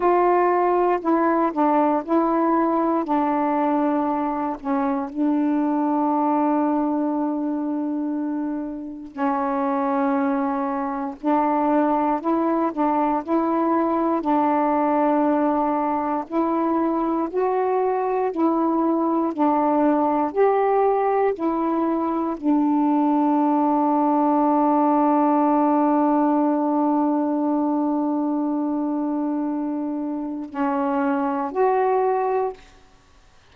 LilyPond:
\new Staff \with { instrumentName = "saxophone" } { \time 4/4 \tempo 4 = 59 f'4 e'8 d'8 e'4 d'4~ | d'8 cis'8 d'2.~ | d'4 cis'2 d'4 | e'8 d'8 e'4 d'2 |
e'4 fis'4 e'4 d'4 | g'4 e'4 d'2~ | d'1~ | d'2 cis'4 fis'4 | }